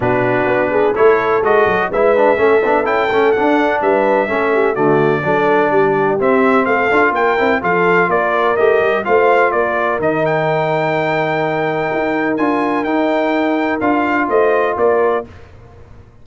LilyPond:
<<
  \new Staff \with { instrumentName = "trumpet" } { \time 4/4 \tempo 4 = 126 b'2 cis''4 dis''4 | e''2 g''4 fis''4 | e''2 d''2~ | d''4 e''4 f''4 g''4 |
f''4 d''4 dis''4 f''4 | d''4 dis''8 g''2~ g''8~ | g''2 gis''4 g''4~ | g''4 f''4 dis''4 d''4 | }
  \new Staff \with { instrumentName = "horn" } { \time 4/4 fis'4. gis'8 a'2 | b'4 a'2. | b'4 a'8 g'8 fis'4 a'4 | g'2 a'4 ais'4 |
a'4 ais'2 c''4 | ais'1~ | ais'1~ | ais'2 c''4 ais'4 | }
  \new Staff \with { instrumentName = "trombone" } { \time 4/4 d'2 e'4 fis'4 | e'8 d'8 cis'8 d'8 e'8 cis'8 d'4~ | d'4 cis'4 a4 d'4~ | d'4 c'4. f'4 e'8 |
f'2 g'4 f'4~ | f'4 dis'2.~ | dis'2 f'4 dis'4~ | dis'4 f'2. | }
  \new Staff \with { instrumentName = "tuba" } { \time 4/4 b,4 b4 a4 gis8 fis8 | gis4 a8 b8 cis'8 a8 d'4 | g4 a4 d4 fis4 | g4 c'4 a8 d'8 ais8 c'8 |
f4 ais4 a8 g8 a4 | ais4 dis2.~ | dis4 dis'4 d'4 dis'4~ | dis'4 d'4 a4 ais4 | }
>>